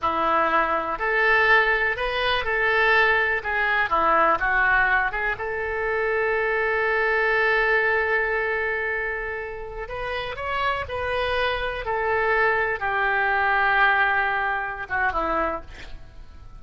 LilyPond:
\new Staff \with { instrumentName = "oboe" } { \time 4/4 \tempo 4 = 123 e'2 a'2 | b'4 a'2 gis'4 | e'4 fis'4. gis'8 a'4~ | a'1~ |
a'1~ | a'16 b'4 cis''4 b'4.~ b'16~ | b'16 a'2 g'4.~ g'16~ | g'2~ g'8 fis'8 e'4 | }